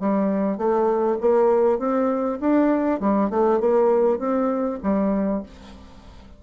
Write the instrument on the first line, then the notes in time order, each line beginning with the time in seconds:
bassoon
0.00 G3
0.57 A3
1.21 A#3
1.79 C4
2.40 D4
3.00 G3
3.30 A3
3.60 A#3
4.19 C4
4.83 G3